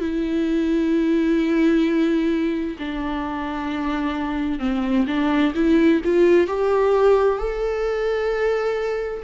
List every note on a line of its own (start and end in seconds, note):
0.00 2.77 E4
2.79 4.59 D4
4.59 5.06 C4
5.07 5.53 D4
5.55 6.01 E4
6.04 6.47 F4
6.47 7.38 G4
7.38 9.23 A4